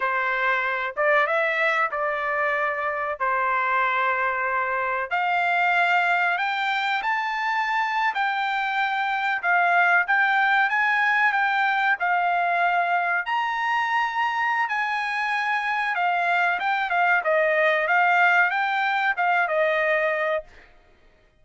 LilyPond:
\new Staff \with { instrumentName = "trumpet" } { \time 4/4 \tempo 4 = 94 c''4. d''8 e''4 d''4~ | d''4 c''2. | f''2 g''4 a''4~ | a''8. g''2 f''4 g''16~ |
g''8. gis''4 g''4 f''4~ f''16~ | f''8. ais''2~ ais''16 gis''4~ | gis''4 f''4 g''8 f''8 dis''4 | f''4 g''4 f''8 dis''4. | }